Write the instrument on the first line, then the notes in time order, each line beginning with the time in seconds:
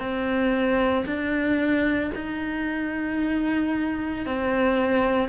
cello
0.00 C4
1.06 D4
2.15 D#4
4.26 C4